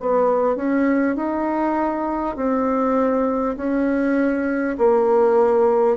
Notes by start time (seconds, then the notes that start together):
0.00 B3
0.56 C#4
1.17 D#4
2.36 C4
3.57 C#4
4.78 A#3